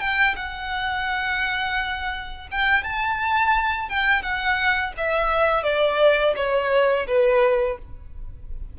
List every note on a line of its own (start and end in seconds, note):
0.00 0.35 G5
0.36 2.48 F#5
2.51 2.84 G5
2.84 3.89 A5
3.89 4.22 G5
4.22 4.93 F#5
4.97 5.63 E5
5.63 6.34 D5
6.36 7.07 C#5
7.07 7.78 B4